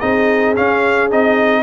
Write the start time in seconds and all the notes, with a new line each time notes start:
0.00 C4 D#4 G#4 D#5
0.56 C#4 F5
1.11 C4 D#4 D#5